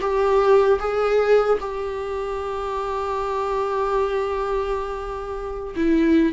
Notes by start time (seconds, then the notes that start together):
0.00 G4
0.79 G#4
1.60 G4
5.76 E4